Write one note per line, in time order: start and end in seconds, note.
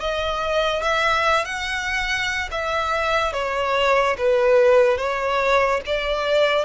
0.00 0.83 D#5
0.83 1.45 E5
1.45 2.49 F#5
2.51 3.33 E5
3.33 4.16 C#5
4.17 4.97 B4
4.97 5.81 C#5
5.86 6.64 D5